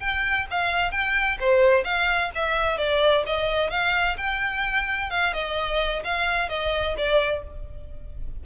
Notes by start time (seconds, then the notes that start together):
0.00 G5
0.51 F5
0.91 G5
1.40 C5
1.84 F5
2.35 E5
2.78 D5
3.26 D#5
3.70 F5
4.17 G5
5.10 F5
5.33 D#5
6.04 F5
6.49 D#5
6.97 D5